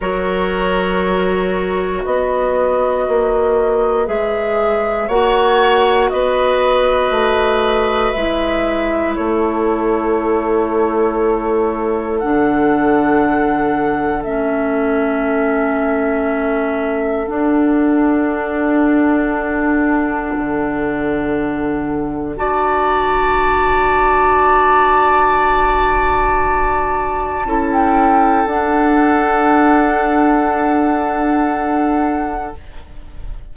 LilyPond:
<<
  \new Staff \with { instrumentName = "flute" } { \time 4/4 \tempo 4 = 59 cis''2 dis''2 | e''4 fis''4 dis''2 | e''4 cis''2. | fis''2 e''2~ |
e''4 fis''2.~ | fis''2 a''2~ | a''2.~ a''16 g''8. | fis''1 | }
  \new Staff \with { instrumentName = "oboe" } { \time 4/4 ais'2 b'2~ | b'4 cis''4 b'2~ | b'4 a'2.~ | a'1~ |
a'1~ | a'2 d''2~ | d''2. a'4~ | a'1 | }
  \new Staff \with { instrumentName = "clarinet" } { \time 4/4 fis'1 | gis'4 fis'2. | e'1 | d'2 cis'2~ |
cis'4 d'2.~ | d'2 fis'2~ | fis'2. e'4 | d'1 | }
  \new Staff \with { instrumentName = "bassoon" } { \time 4/4 fis2 b4 ais4 | gis4 ais4 b4 a4 | gis4 a2. | d2 a2~ |
a4 d'2. | d2 d'2~ | d'2. cis'4 | d'1 | }
>>